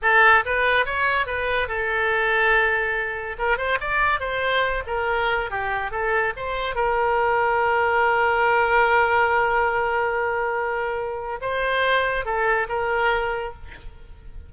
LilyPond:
\new Staff \with { instrumentName = "oboe" } { \time 4/4 \tempo 4 = 142 a'4 b'4 cis''4 b'4 | a'1 | ais'8 c''8 d''4 c''4. ais'8~ | ais'4 g'4 a'4 c''4 |
ais'1~ | ais'1~ | ais'2. c''4~ | c''4 a'4 ais'2 | }